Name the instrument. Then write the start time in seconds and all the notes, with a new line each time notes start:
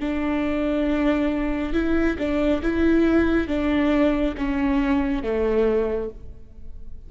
viola
0.00 D4
1.73 E4
2.18 D4
2.62 E4
3.47 D4
4.37 C#4
5.23 A3